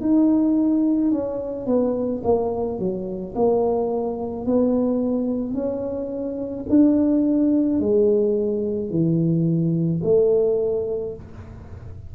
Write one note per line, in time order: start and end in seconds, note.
0.00 1.11 D#4
1.11 1.66 C#4
1.66 2.21 B3
2.23 2.78 A#3
2.78 3.34 F#3
3.35 4.45 A#3
4.45 5.54 B3
5.54 6.65 C#4
6.69 7.79 D4
7.79 8.89 G#3
8.89 10.01 E3
10.03 11.14 A3